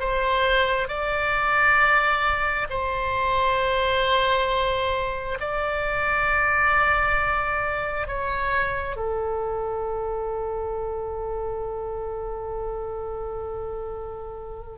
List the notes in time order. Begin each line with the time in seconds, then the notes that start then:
0.00 C5
0.88 D5
2.70 C5
5.40 D5
8.08 C#5
8.96 A4